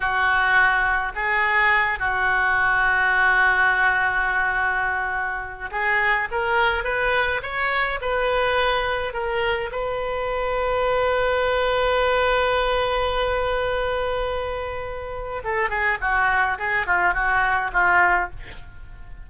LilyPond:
\new Staff \with { instrumentName = "oboe" } { \time 4/4 \tempo 4 = 105 fis'2 gis'4. fis'8~ | fis'1~ | fis'2 gis'4 ais'4 | b'4 cis''4 b'2 |
ais'4 b'2.~ | b'1~ | b'2. a'8 gis'8 | fis'4 gis'8 f'8 fis'4 f'4 | }